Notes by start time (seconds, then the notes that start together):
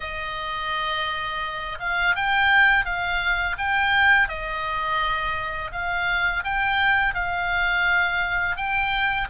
0.00 D#5
1.79 F5
2.15 G5
2.85 F5
3.58 G5
4.28 D#5
5.71 F5
6.44 G5
7.14 F5
8.56 G5